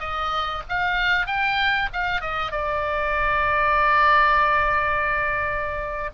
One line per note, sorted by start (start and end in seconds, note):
0.00 0.62 D#5
0.69 1.27 F5
1.27 1.89 G5
1.93 2.21 F5
2.21 2.51 D#5
2.51 6.11 D5